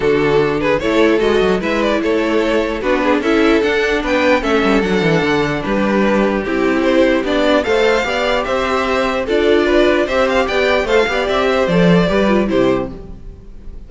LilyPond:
<<
  \new Staff \with { instrumentName = "violin" } { \time 4/4 \tempo 4 = 149 a'4. b'8 cis''4 dis''4 | e''8 d''8 cis''2 b'4 | e''4 fis''4 g''4 e''4 | fis''2 b'2 |
g'4 c''4 d''4 f''4~ | f''4 e''2 d''4~ | d''4 e''8 f''8 g''4 f''4 | e''4 d''2 c''4 | }
  \new Staff \with { instrumentName = "violin" } { \time 4/4 fis'4. gis'8 a'2 | b'4 a'2 fis'8 gis'8 | a'2 b'4 a'4~ | a'2 g'2~ |
g'2. c''4 | d''4 c''2 a'4 | b'4 c''4 d''4 c''8 d''8~ | d''8 c''4. b'4 g'4 | }
  \new Staff \with { instrumentName = "viola" } { \time 4/4 d'2 e'4 fis'4 | e'2. d'4 | e'4 d'2 cis'4 | d'1 |
e'2 d'4 a'4 | g'2. f'4~ | f'4 g'2 a'8 g'8~ | g'4 a'4 g'8 f'8 e'4 | }
  \new Staff \with { instrumentName = "cello" } { \time 4/4 d2 a4 gis8 fis8 | gis4 a2 b4 | cis'4 d'4 b4 a8 g8 | fis8 e8 d4 g2 |
c'2 b4 a4 | b4 c'2 d'4~ | d'4 c'4 b4 a8 b8 | c'4 f4 g4 c4 | }
>>